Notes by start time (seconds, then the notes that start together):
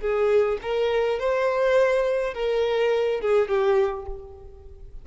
0.00 G#4
0.62 A#4
1.19 C5
2.34 A#4
3.20 G#4
3.48 G4